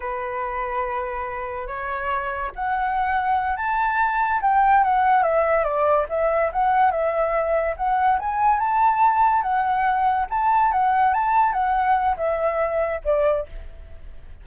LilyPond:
\new Staff \with { instrumentName = "flute" } { \time 4/4 \tempo 4 = 143 b'1 | cis''2 fis''2~ | fis''8 a''2 g''4 fis''8~ | fis''8 e''4 d''4 e''4 fis''8~ |
fis''8 e''2 fis''4 gis''8~ | gis''8 a''2 fis''4.~ | fis''8 a''4 fis''4 a''4 fis''8~ | fis''4 e''2 d''4 | }